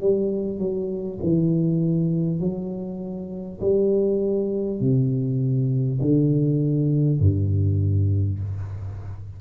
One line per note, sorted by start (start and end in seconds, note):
0.00 0.58 G3
0.58 1.18 F#3
1.23 2.39 E3
2.39 3.59 F#3
3.61 4.81 G3
4.81 6.01 C3
6.01 7.19 D3
7.19 8.39 G2